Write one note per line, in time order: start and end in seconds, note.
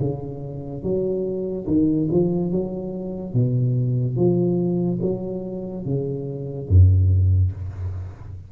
0.00 0.83 C#3
0.83 1.66 F#3
1.67 2.09 D#3
2.11 2.52 F3
2.52 3.33 F#3
3.33 4.16 B2
4.16 5.00 F3
5.02 5.85 F#3
5.85 6.69 C#3
6.69 7.52 F#2